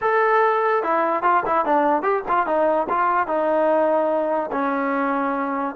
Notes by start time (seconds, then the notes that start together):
0.01 A4
0.83 E4
1.22 F4
1.46 E4
1.65 D4
2.02 G4
2.28 F4
2.46 D#4
2.89 F4
3.27 D#4
4.51 C#4